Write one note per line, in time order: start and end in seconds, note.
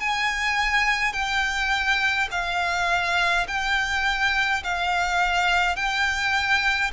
0.00 1.13 G#5
1.13 2.28 G5
2.31 3.47 F5
3.47 4.63 G5
4.63 5.75 F5
5.75 6.91 G5